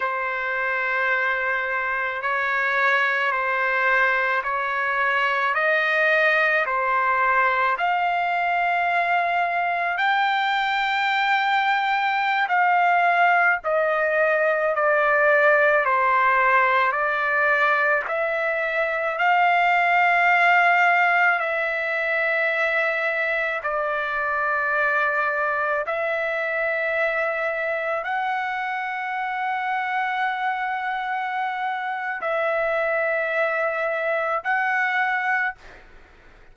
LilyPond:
\new Staff \with { instrumentName = "trumpet" } { \time 4/4 \tempo 4 = 54 c''2 cis''4 c''4 | cis''4 dis''4 c''4 f''4~ | f''4 g''2~ g''16 f''8.~ | f''16 dis''4 d''4 c''4 d''8.~ |
d''16 e''4 f''2 e''8.~ | e''4~ e''16 d''2 e''8.~ | e''4~ e''16 fis''2~ fis''8.~ | fis''4 e''2 fis''4 | }